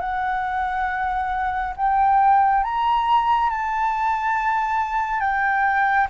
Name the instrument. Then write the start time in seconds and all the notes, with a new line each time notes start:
flute
0.00 F#5
1.77 G5
2.64 A#5
3.50 A5
5.21 G5